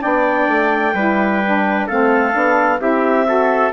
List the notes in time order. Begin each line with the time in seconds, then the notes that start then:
0.00 B3 D4 D5 G5
0.48 A3
0.94 G3 E4 B4
1.45 D4
1.88 A3 C4 A4 F5
2.32 B3 D4
2.79 C4 E4 G4 E5
3.26 F#4 A4